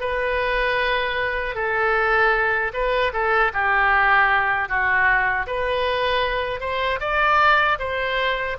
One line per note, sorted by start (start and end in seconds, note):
0.00 1.54 B4
1.54 2.71 A4
2.73 3.12 B4
3.12 3.51 A4
3.53 4.68 G4
4.68 5.46 F#4
5.46 6.60 B4
6.60 6.99 C5
7.00 7.78 D5
7.79 8.56 C5